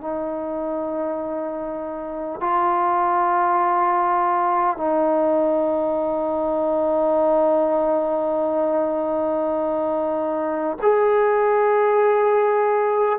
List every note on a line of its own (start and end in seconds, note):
0.00 2.40 D#4
2.40 4.77 F4
4.77 10.77 D#4
10.82 13.19 G#4